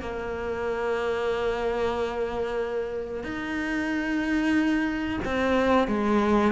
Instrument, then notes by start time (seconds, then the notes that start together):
cello
0.00 A#3
3.23 D#4
5.24 C4
5.87 G#3